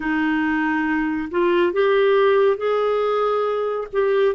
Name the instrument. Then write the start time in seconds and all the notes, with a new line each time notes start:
clarinet
0.00 D#4
1.30 F4
1.72 G4
2.57 G#4
3.92 G4